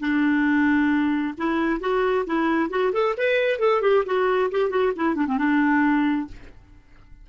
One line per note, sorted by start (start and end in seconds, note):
0.00 1.34 D4
1.37 1.80 E4
1.80 2.25 F#4
2.26 2.70 E4
2.70 2.92 F#4
2.93 3.15 A4
3.17 3.59 B4
3.59 3.81 A4
3.82 4.04 G4
4.05 4.50 F#4
4.51 4.70 G4
4.70 4.92 F#4
4.96 5.15 E4
5.15 5.26 D4
5.27 5.38 C4
5.38 6.27 D4